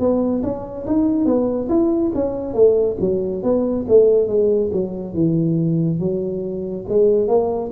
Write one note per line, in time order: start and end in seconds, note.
0.00 0.43 B3
0.43 0.86 C#4
0.87 1.25 D#4
1.25 1.68 B3
1.69 2.12 E4
2.15 2.54 C#4
2.54 2.97 A3
3.01 3.43 F#3
3.43 3.86 B3
3.88 4.28 A3
4.28 4.71 G#3
4.73 5.14 F#3
5.14 6.00 E3
6.00 6.86 F#3
6.89 7.28 G#3
7.28 7.71 A#3